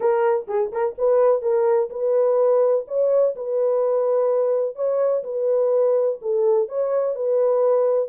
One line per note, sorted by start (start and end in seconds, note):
0.00 0.46 A#4
0.47 0.71 G#4
0.71 0.95 A#4
0.98 1.42 B4
1.42 1.89 A#4
1.90 2.85 B4
2.87 3.35 C#5
3.35 4.75 B4
4.75 5.23 C#5
5.23 6.18 B4
6.21 6.68 A4
6.68 7.15 C#5
7.15 8.08 B4